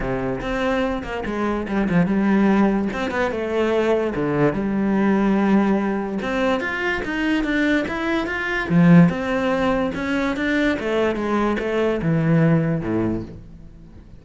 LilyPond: \new Staff \with { instrumentName = "cello" } { \time 4/4 \tempo 4 = 145 c4 c'4. ais8 gis4 | g8 f8 g2 c'8 b8 | a2 d4 g4~ | g2. c'4 |
f'4 dis'4 d'4 e'4 | f'4 f4 c'2 | cis'4 d'4 a4 gis4 | a4 e2 a,4 | }